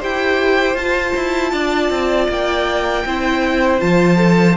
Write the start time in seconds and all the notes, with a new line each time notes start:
0.00 E4 G4 C5 G5
0.75 F4 A5
1.16 E4
1.53 D4 D5
1.91 C4
2.29 A#3 G5
3.06 C4 E4 C5
3.81 F3 F4 A5
4.17 A4